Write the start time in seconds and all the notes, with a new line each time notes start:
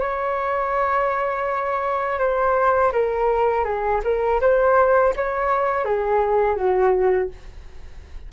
0.00 C#5
2.19 C5
2.92 A#4
3.64 G#4
4.04 A#4
4.41 C5
5.16 C#5
5.84 G#4
6.56 F#4